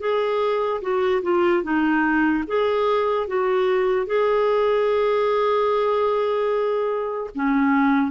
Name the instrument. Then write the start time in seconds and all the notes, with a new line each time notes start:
clarinet
0.00 G#4
0.81 F#4
1.22 F4
1.63 D#4
2.47 G#4
3.27 F#4
4.06 G#4
7.35 C#4